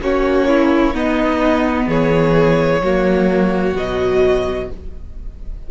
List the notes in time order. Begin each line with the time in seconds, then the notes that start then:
0.00 A#3 C#4 F#4 C#5
0.48 E4
0.93 B3 D#4 D#5
1.87 E3 G#4 C#5
2.80 F#3 A#3 F#4
3.74 B2 F#3 D#5